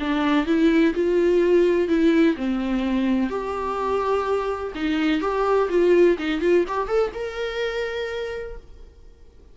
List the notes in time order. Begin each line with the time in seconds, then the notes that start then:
0.00 D4
0.46 E4
0.95 F4
1.89 E4
2.37 C4
3.30 G4
4.75 D#4
5.21 G4
5.70 F4
6.18 D#4
6.41 F4
6.68 G4
6.88 A4
7.15 A#4